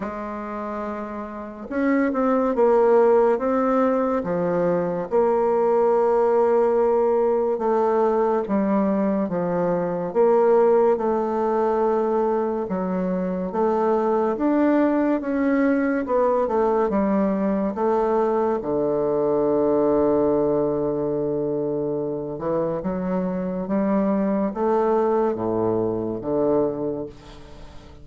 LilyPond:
\new Staff \with { instrumentName = "bassoon" } { \time 4/4 \tempo 4 = 71 gis2 cis'8 c'8 ais4 | c'4 f4 ais2~ | ais4 a4 g4 f4 | ais4 a2 fis4 |
a4 d'4 cis'4 b8 a8 | g4 a4 d2~ | d2~ d8 e8 fis4 | g4 a4 a,4 d4 | }